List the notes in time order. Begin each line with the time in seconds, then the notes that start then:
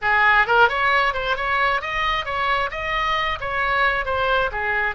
0.01 G#4
0.47 A#4
0.68 C#5
1.13 C5
1.36 C#5
1.81 D#5
2.25 C#5
2.71 D#5
3.40 C#5
4.05 C5
4.51 G#4